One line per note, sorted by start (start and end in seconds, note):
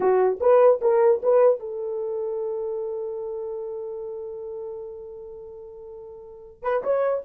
0.00 0.38 F#4
0.40 0.80 B4
0.81 1.21 A#4
1.22 1.59 B4
1.59 6.62 A4
6.62 6.82 B4
6.83 7.23 C#5